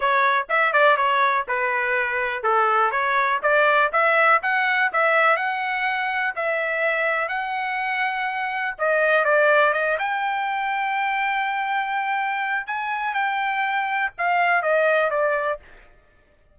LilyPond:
\new Staff \with { instrumentName = "trumpet" } { \time 4/4 \tempo 4 = 123 cis''4 e''8 d''8 cis''4 b'4~ | b'4 a'4 cis''4 d''4 | e''4 fis''4 e''4 fis''4~ | fis''4 e''2 fis''4~ |
fis''2 dis''4 d''4 | dis''8 g''2.~ g''8~ | g''2 gis''4 g''4~ | g''4 f''4 dis''4 d''4 | }